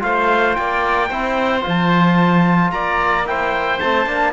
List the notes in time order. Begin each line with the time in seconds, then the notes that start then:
0.00 A3 F4 C5 F5
0.55 A#3 D5 G5
1.09 C4 E4 C5
1.62 F3 F4
1.69 A5
2.72 A#3 D5 A#5
3.25 E4 C5 G5
3.80 A3 C4 A5
4.06 A#3 D4